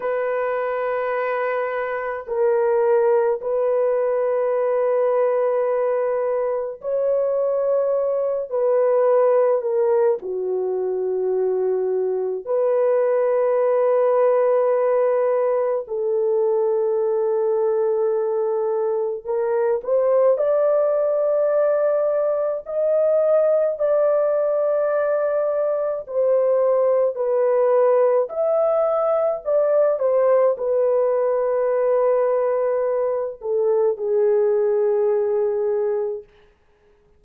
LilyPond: \new Staff \with { instrumentName = "horn" } { \time 4/4 \tempo 4 = 53 b'2 ais'4 b'4~ | b'2 cis''4. b'8~ | b'8 ais'8 fis'2 b'4~ | b'2 a'2~ |
a'4 ais'8 c''8 d''2 | dis''4 d''2 c''4 | b'4 e''4 d''8 c''8 b'4~ | b'4. a'8 gis'2 | }